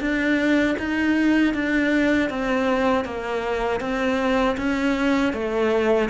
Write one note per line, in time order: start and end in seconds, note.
0.00 0.76 D4
0.78 1.54 D#4
1.54 2.29 D4
2.29 3.04 C4
3.04 3.80 A#3
3.80 4.56 C4
4.57 5.33 C#4
5.33 6.09 A3